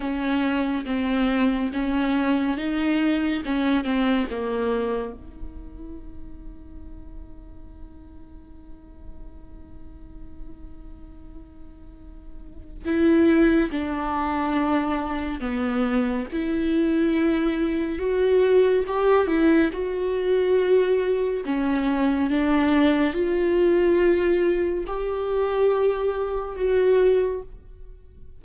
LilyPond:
\new Staff \with { instrumentName = "viola" } { \time 4/4 \tempo 4 = 70 cis'4 c'4 cis'4 dis'4 | cis'8 c'8 ais4 dis'2~ | dis'1~ | dis'2. e'4 |
d'2 b4 e'4~ | e'4 fis'4 g'8 e'8 fis'4~ | fis'4 cis'4 d'4 f'4~ | f'4 g'2 fis'4 | }